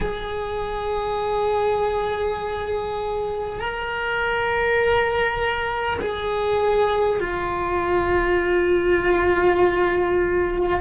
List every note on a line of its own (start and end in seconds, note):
0.01 3.59 G#4
3.59 5.99 A#4
6.00 7.20 G#4
7.20 10.80 F4